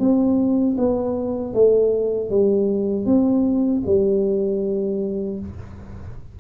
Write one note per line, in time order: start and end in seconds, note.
0.00 0.77 C4
0.78 1.54 B3
1.54 2.31 A3
2.31 3.06 G3
3.06 3.83 C4
3.86 5.40 G3